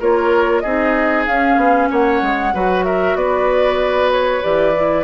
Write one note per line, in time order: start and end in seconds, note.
0.00 0.64 A#3
0.00 0.65 F4
0.00 0.63 A#4
0.00 0.61 C#5
0.61 1.28 C4
0.61 1.28 D#4
0.61 1.89 G#4
0.61 1.24 D#5
1.27 1.57 C#4
1.27 2.54 C#4
1.27 1.90 F5
1.57 1.88 B3
1.91 2.22 A#3
1.91 2.54 C#5
1.91 2.85 F#5
2.22 2.54 G#3
2.54 3.16 F#3
2.54 4.43 F#4
2.54 2.86 B4
2.85 3.17 A#4
2.85 3.17 E5
3.16 4.42 B3
3.16 5.05 B4
3.16 4.11 D5
4.13 4.42 C#5
4.42 5.05 E3
4.42 4.74 G4
4.42 5.05 D5
4.76 5.05 E4